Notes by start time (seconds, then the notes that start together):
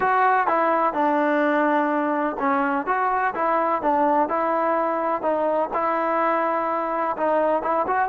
0.00 F#4
0.47 E4
0.93 D4
2.39 C#4
2.86 F#4
3.34 E4
3.82 D4
4.28 E4
5.22 D#4
5.73 E4
7.16 D#4
7.62 E4
7.87 F#4